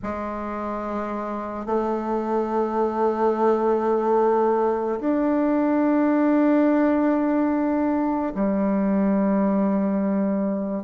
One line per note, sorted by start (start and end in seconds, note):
0.02 1.66 G#3
1.66 4.99 A3
5.00 8.33 D4
8.34 10.83 G3